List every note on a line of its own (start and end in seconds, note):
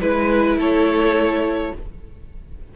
0.00 0.56 G#3
0.00 1.74 E4
0.00 0.58 B4
0.56 1.72 A3
0.56 1.73 A4
0.56 1.76 C#5